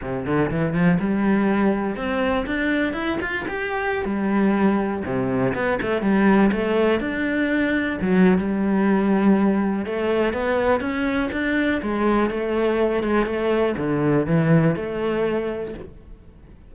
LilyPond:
\new Staff \with { instrumentName = "cello" } { \time 4/4 \tempo 4 = 122 c8 d8 e8 f8 g2 | c'4 d'4 e'8 f'8 g'4~ | g'16 g2 c4 b8 a16~ | a16 g4 a4 d'4.~ d'16~ |
d'16 fis8. g2. | a4 b4 cis'4 d'4 | gis4 a4. gis8 a4 | d4 e4 a2 | }